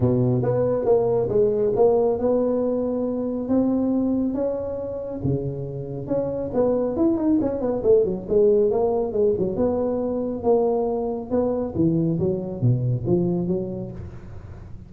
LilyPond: \new Staff \with { instrumentName = "tuba" } { \time 4/4 \tempo 4 = 138 b,4 b4 ais4 gis4 | ais4 b2. | c'2 cis'2 | cis2 cis'4 b4 |
e'8 dis'8 cis'8 b8 a8 fis8 gis4 | ais4 gis8 fis8 b2 | ais2 b4 e4 | fis4 b,4 f4 fis4 | }